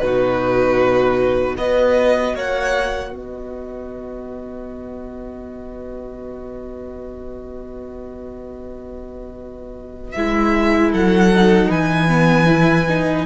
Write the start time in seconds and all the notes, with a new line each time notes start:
0.00 B2 D#4 F#4 B4
1.57 B3 F#4 B4 D#5
2.35 A#3 C#5 F#5
3.11 B3 B4 D#5
10.12 G#3 E4 E5
10.92 F#3 A4 F#5
11.35 D#4
11.69 E3 B4 G#5
12.09 B3
12.47 E4
12.89 D#4